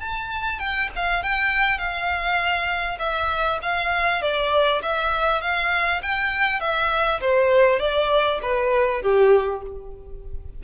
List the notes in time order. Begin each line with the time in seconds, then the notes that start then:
0.00 A5
0.59 G5
0.96 F5
1.23 G5
1.78 F5
2.99 E5
3.62 F5
4.22 D5
4.82 E5
5.41 F5
6.02 G5
6.60 E5
7.20 C5
7.79 D5
8.42 B4
9.02 G4